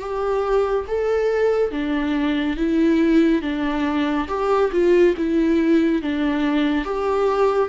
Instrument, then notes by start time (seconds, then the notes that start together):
viola
0.00 G4
0.88 A4
1.72 D4
2.57 E4
3.42 D4
4.28 G4
4.73 F4
5.18 E4
6.03 D4
6.85 G4